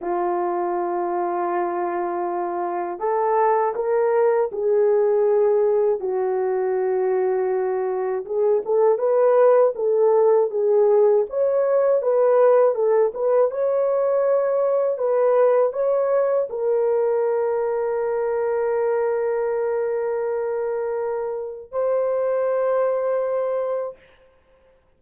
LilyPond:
\new Staff \with { instrumentName = "horn" } { \time 4/4 \tempo 4 = 80 f'1 | a'4 ais'4 gis'2 | fis'2. gis'8 a'8 | b'4 a'4 gis'4 cis''4 |
b'4 a'8 b'8 cis''2 | b'4 cis''4 ais'2~ | ais'1~ | ais'4 c''2. | }